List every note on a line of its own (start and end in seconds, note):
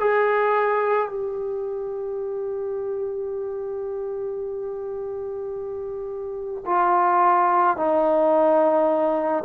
0.00 1.09 G#4
1.09 6.64 G4
6.66 7.77 F4
7.77 9.43 D#4